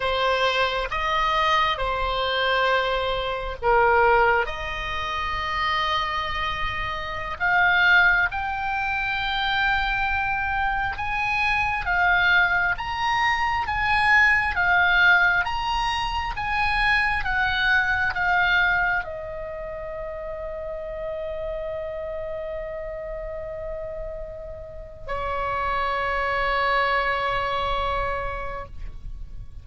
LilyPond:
\new Staff \with { instrumentName = "oboe" } { \time 4/4 \tempo 4 = 67 c''4 dis''4 c''2 | ais'4 dis''2.~ | dis''16 f''4 g''2~ g''8.~ | g''16 gis''4 f''4 ais''4 gis''8.~ |
gis''16 f''4 ais''4 gis''4 fis''8.~ | fis''16 f''4 dis''2~ dis''8.~ | dis''1 | cis''1 | }